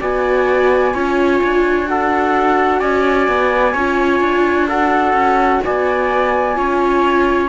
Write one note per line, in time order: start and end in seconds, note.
0.00 0.94 B3
0.00 0.94 F#4
0.00 0.94 D5
0.00 1.88 G#5
0.94 1.41 C#4
0.94 1.86 F4
0.94 1.88 C#5
1.43 2.81 D4
1.86 3.73 F#4
1.86 2.79 A4
1.86 2.79 F#5
2.79 3.28 C#4
2.79 3.73 D5
2.79 4.67 G#5
3.28 3.74 B3
3.73 4.20 C#4
3.73 4.70 F4
3.73 4.67 C#5
4.20 5.13 D4
4.68 6.54 F#4
4.68 5.62 A4
4.68 5.62 F#5
5.13 5.60 C#4
5.64 6.57 B3
5.64 6.57 D5
5.64 7.49 G#5
6.54 7.49 C#4
6.54 7.48 F4
6.54 7.49 C#5